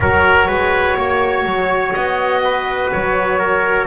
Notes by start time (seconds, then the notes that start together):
0.00 F#3 F#4 A#4 C#5
0.47 G#3 B4
0.97 A#3 C#5
1.45 F#3
1.93 B3 D#5
2.44 B4
2.92 F#3 C#5
3.39 A#4